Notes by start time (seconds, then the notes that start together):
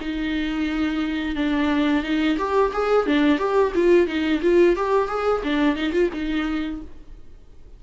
0.00 D#4
1.35 D4
2.03 D#4
2.38 G4
2.73 G#4
3.06 D4
3.38 G4
3.75 F4
4.07 D#4
4.42 F4
4.76 G4
5.08 G#4
5.43 D4
5.76 D#4
5.92 F4
6.13 D#4